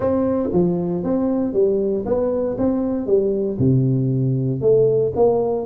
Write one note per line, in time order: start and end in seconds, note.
0.00 0.49 C4
0.52 1.03 F3
1.03 1.53 C4
1.53 2.04 G3
2.05 2.56 B3
2.58 3.06 C4
3.06 3.57 G3
3.59 4.61 C3
4.61 5.12 A3
5.15 5.66 A#3